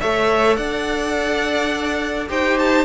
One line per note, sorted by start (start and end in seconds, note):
0.00 0.58 A3
0.00 2.29 A4
0.00 0.57 C#5
0.00 0.56 E5
0.56 2.29 D4
0.56 2.29 D5
0.56 2.28 F#5
2.29 2.85 D#4
2.29 2.85 G4
2.29 2.85 C5
2.29 2.59 G5
2.59 2.85 A5